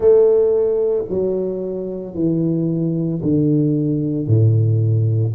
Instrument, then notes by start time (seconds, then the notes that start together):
tuba
0.00 A3
1.09 F#3
2.14 E3
3.22 D3
4.27 A2